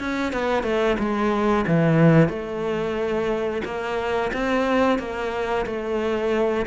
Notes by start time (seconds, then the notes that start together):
0.00 C#4
0.33 B3
0.64 A3
0.99 G#3
1.68 E3
2.29 A3
3.65 A#3
4.34 C4
4.99 A#3
5.66 A3